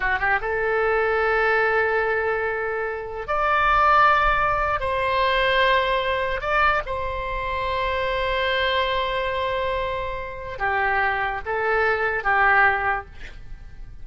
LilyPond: \new Staff \with { instrumentName = "oboe" } { \time 4/4 \tempo 4 = 147 fis'8 g'8 a'2.~ | a'1 | d''2.~ d''8. c''16~ | c''2.~ c''8. d''16~ |
d''8. c''2.~ c''16~ | c''1~ | c''2 g'2 | a'2 g'2 | }